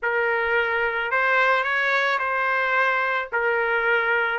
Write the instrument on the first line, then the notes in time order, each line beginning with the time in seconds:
trumpet
0.02 A#4
1.11 C5
1.63 C#5
2.18 C5
3.32 A#4